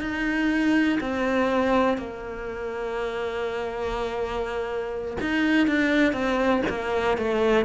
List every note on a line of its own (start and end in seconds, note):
0.00 0.98 D#4
1.00 1.97 C4
1.97 5.17 A#3
5.20 5.67 D#4
5.67 6.12 D4
6.12 6.61 C4
6.69 7.17 A#3
7.17 7.65 A3